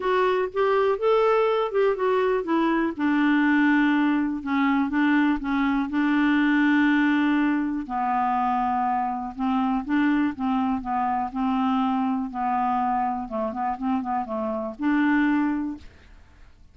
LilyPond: \new Staff \with { instrumentName = "clarinet" } { \time 4/4 \tempo 4 = 122 fis'4 g'4 a'4. g'8 | fis'4 e'4 d'2~ | d'4 cis'4 d'4 cis'4 | d'1 |
b2. c'4 | d'4 c'4 b4 c'4~ | c'4 b2 a8 b8 | c'8 b8 a4 d'2 | }